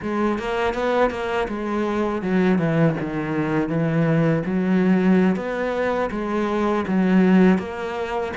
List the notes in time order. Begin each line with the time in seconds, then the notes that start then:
0.02 G#3
0.39 A#3
0.73 B3
1.10 A#3
1.48 G#3
2.22 F#3
2.58 E3
3.00 D#3
3.68 E3
4.45 F#3
5.36 B3
6.10 G#3
6.87 F#3
7.58 A#3